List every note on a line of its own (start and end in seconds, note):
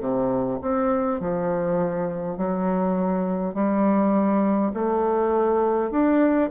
0.00 0.59 C3
0.61 1.20 C4
1.20 2.37 F3
2.37 3.54 F#3
3.54 4.72 G3
4.74 5.91 A3
5.91 6.50 D4